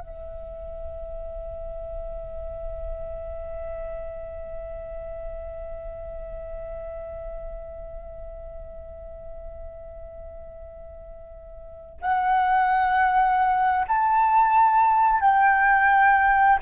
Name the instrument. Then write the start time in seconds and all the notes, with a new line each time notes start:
flute
0.00 E5
12.02 F#5
13.88 A5
15.21 G5